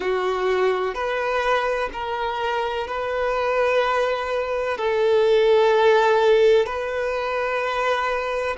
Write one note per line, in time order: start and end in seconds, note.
0.00 0.94 F#4
0.94 1.89 B4
1.93 2.87 A#4
2.87 4.77 B4
4.77 6.66 A4
6.66 8.56 B4